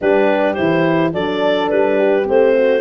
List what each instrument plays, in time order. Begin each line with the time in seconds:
0.01 tuba G3, horn D4 G4, clarinet B4
0.54 tuba E3, horn E4, clarinet C5
1.13 tuba F#3, horn D4 A4, clarinet D5
1.69 tuba G3, clarinet B4
1.98 horn G4
2.23 tuba A3, horn C4, clarinet C5
2.55 horn F#4